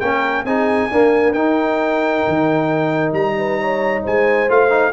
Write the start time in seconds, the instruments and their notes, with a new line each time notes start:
0.00 tuba A#3, trombone C#4, horn A#4, trumpet G5
0.44 tuba C4, trombone D#4, horn G#4, trumpet G#5
0.91 trombone A#3, tuba D4, horn A#4
1.33 tuba D#4, trombone D#4, trumpet G5
2.28 tuba D#3
3.12 tuba G3, trumpet A#5
3.38 horn B4
3.60 horn C#5
4.03 tuba G#3, horn C5, trumpet G#5
4.48 tuba A3, trombone F4, trumpet F5
4.70 trombone D#4